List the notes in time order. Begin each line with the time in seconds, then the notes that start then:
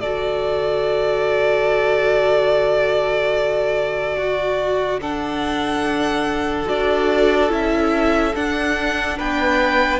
0.00 D3 F#4 A4 D5
4.17 F#4
5.01 D4 A4 F#5
6.66 D4 F#4 D5
7.49 C#4 E4 E5
8.35 D4 F#5
9.17 B3 B4 G5